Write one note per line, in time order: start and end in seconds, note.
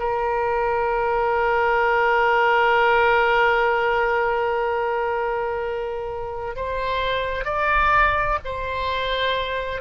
0.00 6.56 A#4
6.56 7.45 C5
7.45 8.39 D5
8.45 9.82 C5